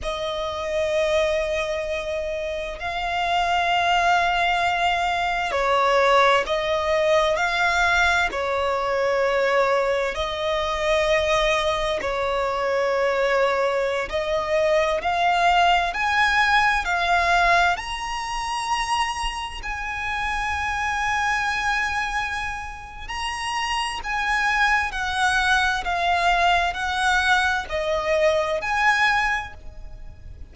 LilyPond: \new Staff \with { instrumentName = "violin" } { \time 4/4 \tempo 4 = 65 dis''2. f''4~ | f''2 cis''4 dis''4 | f''4 cis''2 dis''4~ | dis''4 cis''2~ cis''16 dis''8.~ |
dis''16 f''4 gis''4 f''4 ais''8.~ | ais''4~ ais''16 gis''2~ gis''8.~ | gis''4 ais''4 gis''4 fis''4 | f''4 fis''4 dis''4 gis''4 | }